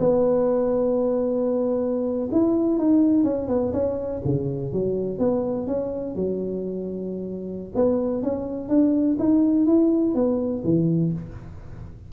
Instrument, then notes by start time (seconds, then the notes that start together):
tuba
0.00 B3
2.32 E4
2.78 D#4
3.24 C#4
3.48 B3
3.73 C#4
4.25 C#3
4.73 F#3
5.19 B3
5.67 C#4
6.16 F#3
7.75 B3
8.23 C#4
8.69 D4
9.19 D#4
9.67 E4
10.15 B3
10.64 E3